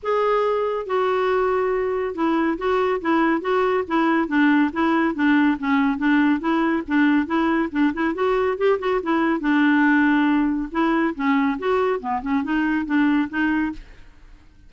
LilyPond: \new Staff \with { instrumentName = "clarinet" } { \time 4/4 \tempo 4 = 140 gis'2 fis'2~ | fis'4 e'4 fis'4 e'4 | fis'4 e'4 d'4 e'4 | d'4 cis'4 d'4 e'4 |
d'4 e'4 d'8 e'8 fis'4 | g'8 fis'8 e'4 d'2~ | d'4 e'4 cis'4 fis'4 | b8 cis'8 dis'4 d'4 dis'4 | }